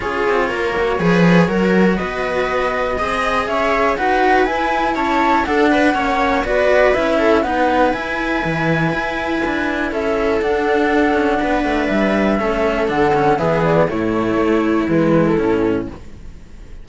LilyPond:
<<
  \new Staff \with { instrumentName = "flute" } { \time 4/4 \tempo 4 = 121 cis''1 | dis''2. e''4 | fis''4 gis''4 a''4 fis''4~ | fis''4 d''4 e''4 fis''4 |
gis''1 | e''4 fis''2. | e''2 fis''4 e''8 d''8 | cis''2 b'8. a'4~ a'16 | }
  \new Staff \with { instrumentName = "viola" } { \time 4/4 gis'4 ais'4 b'4 ais'4 | b'2 dis''4 cis''4 | b'2 cis''4 a'8 b'8 | cis''4 b'4. a'8 b'4~ |
b'1 | a'2. b'4~ | b'4 a'2 gis'4 | e'1 | }
  \new Staff \with { instrumentName = "cello" } { \time 4/4 f'4. fis'8 gis'4 fis'4~ | fis'2 gis'2 | fis'4 e'2 d'4 | cis'4 fis'4 e'4 b4 |
e'1~ | e'4 d'2.~ | d'4 cis'4 d'8 cis'8 b4 | a2 gis4 cis'4 | }
  \new Staff \with { instrumentName = "cello" } { \time 4/4 cis'8 c'8 ais4 f4 fis4 | b2 c'4 cis'4 | dis'4 e'4 cis'4 d'4 | ais4 b4 cis'4 dis'4 |
e'4 e4 e'4 d'4 | cis'4 d'4. cis'8 b8 a8 | g4 a4 d4 e4 | a,4 a4 e4 a,4 | }
>>